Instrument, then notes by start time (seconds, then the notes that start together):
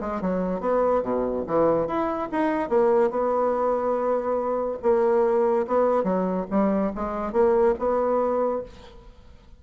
bassoon
0.00 G#3
0.21 F#3
0.60 B3
1.02 B2
1.46 E3
1.87 E4
2.31 D#4
2.69 A#3
3.10 B3
4.82 A#3
5.67 B3
6.03 F#3
6.50 G3
6.95 G#3
7.32 A#3
7.79 B3